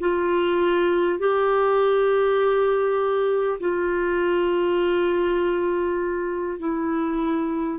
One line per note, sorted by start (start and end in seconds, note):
0.00 1.19 F4
1.19 3.59 G4
3.60 6.59 F4
6.59 7.79 E4